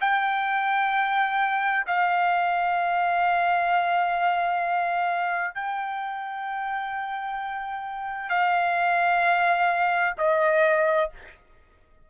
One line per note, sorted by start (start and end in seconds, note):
0.00 1.85 G5
1.86 5.54 F5
5.54 8.29 G5
8.29 10.14 F5
10.17 11.10 D#5